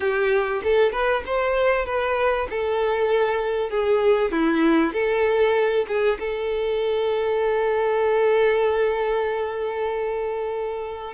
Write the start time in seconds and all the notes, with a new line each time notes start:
0.00 G4
0.63 A4
0.92 B4
1.25 C5
1.85 B4
2.49 A4
3.70 G#4
4.31 E4
4.93 A4
5.87 G#4
6.19 A4